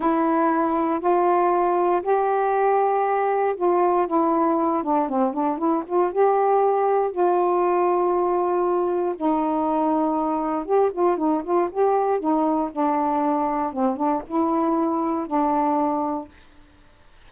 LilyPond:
\new Staff \with { instrumentName = "saxophone" } { \time 4/4 \tempo 4 = 118 e'2 f'2 | g'2. f'4 | e'4. d'8 c'8 d'8 e'8 f'8 | g'2 f'2~ |
f'2 dis'2~ | dis'4 g'8 f'8 dis'8 f'8 g'4 | dis'4 d'2 c'8 d'8 | e'2 d'2 | }